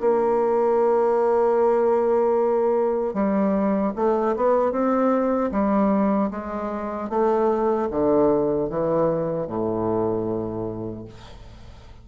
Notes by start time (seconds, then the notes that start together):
0.00 A#3
3.14 G3
3.96 A3
4.36 B3
4.72 C4
5.51 G3
6.31 G#3
7.09 A3
7.91 D3
8.69 E3
9.47 A2